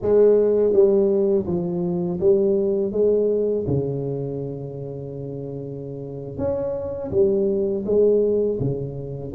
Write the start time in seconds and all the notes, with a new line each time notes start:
0.01 G#3
0.72 G3
1.46 F3
2.20 G3
2.92 G#3
3.67 C#3
6.37 C#4
7.11 G3
7.85 G#3
8.60 C#3